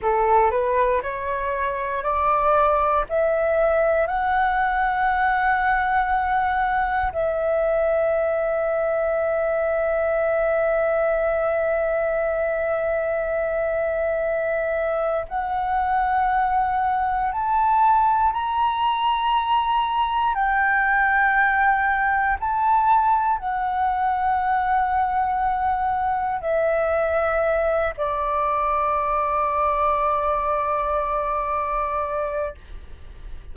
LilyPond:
\new Staff \with { instrumentName = "flute" } { \time 4/4 \tempo 4 = 59 a'8 b'8 cis''4 d''4 e''4 | fis''2. e''4~ | e''1~ | e''2. fis''4~ |
fis''4 a''4 ais''2 | g''2 a''4 fis''4~ | fis''2 e''4. d''8~ | d''1 | }